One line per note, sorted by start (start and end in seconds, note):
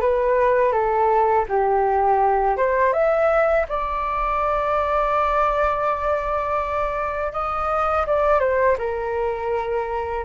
0.00 0.72 B4
0.72 1.45 A4
1.48 2.57 G4
2.57 2.93 C5
2.93 3.66 E5
3.68 7.32 D5
7.32 8.05 D#5
8.06 8.39 D5
8.39 8.76 C5
8.78 10.24 A#4